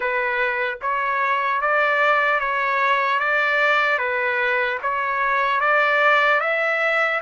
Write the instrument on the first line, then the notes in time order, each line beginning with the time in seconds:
trumpet
0.00 B4
0.81 C#5
1.61 D5
2.40 C#5
3.19 D5
3.98 B4
4.82 C#5
5.60 D5
6.40 E5